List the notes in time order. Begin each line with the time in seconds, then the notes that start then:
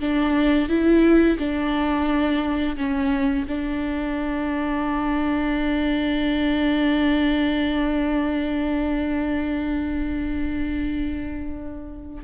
0.00 D4
0.69 E4
1.38 D4
2.76 C#4
3.48 D4